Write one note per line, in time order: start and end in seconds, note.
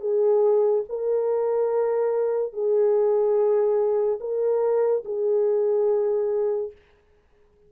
0.00 0.83 G#4
0.89 2.53 A#4
2.53 4.19 G#4
4.20 5.03 A#4
5.05 6.71 G#4